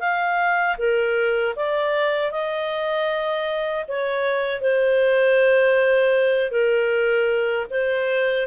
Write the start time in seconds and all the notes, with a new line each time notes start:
0.00 F5
0.78 A#4
1.56 D5
2.31 D#5
3.88 C#5
4.61 C5
6.51 A#4
7.70 C5